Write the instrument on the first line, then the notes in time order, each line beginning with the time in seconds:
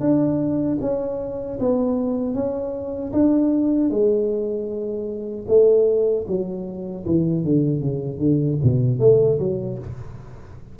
tuba
0.00 D4
0.80 C#4
1.59 B3
2.34 C#4
3.12 D4
3.90 G#3
5.47 A3
6.27 F#3
7.06 E3
7.44 D3
7.80 C#3
8.19 D3
8.63 B2
8.99 A3
9.39 F#3